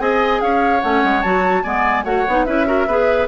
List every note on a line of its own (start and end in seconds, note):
0.00 0.41 C4
0.00 0.82 G#4
0.00 0.42 D#5
0.00 0.41 G#5
0.42 0.83 C#4
0.42 1.64 C#5
0.42 0.81 F5
0.81 1.04 A3
0.81 1.24 C#4
0.81 1.22 F#5
1.04 1.25 G#3
1.23 1.65 F#3
1.23 1.64 F#4
1.23 1.63 A5
1.63 2.05 G#3
1.63 2.05 B3
1.63 2.05 D5
1.63 2.04 G#5
2.04 2.26 A3
2.04 2.26 F#4
2.04 2.46 C#5
2.04 2.45 F#5
2.29 2.47 B3
2.29 2.47 D#4
2.45 2.87 C#4
2.45 2.66 E4
2.45 2.67 B4
2.45 3.27 E5
2.66 2.87 F#4
2.66 2.88 A#4
2.87 3.28 B3
2.87 3.29 G#4
2.87 3.29 B4